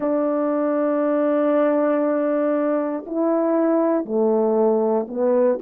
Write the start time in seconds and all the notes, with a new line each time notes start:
0.00 D4
3.06 E4
4.04 A3
5.08 B3